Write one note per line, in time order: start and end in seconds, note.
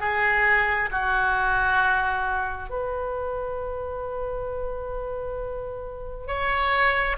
0.00 0.90 G#4
0.91 2.70 F#4
2.70 6.27 B4
6.27 7.17 C#5